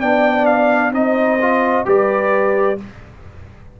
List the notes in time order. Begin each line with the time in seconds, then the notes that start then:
0.00 B3 D4 D5 G5
0.45 F5
0.92 C4 D#4 C5 D#5
1.41 F4
1.85 G3 G4 B4 D5